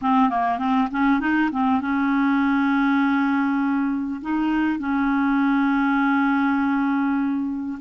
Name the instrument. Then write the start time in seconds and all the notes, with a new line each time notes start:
clarinet
0.01 C4
0.29 A#3
0.58 C4
0.91 C#4
1.20 D#4
1.51 C4
1.80 C#4
4.21 D#4
4.79 C#4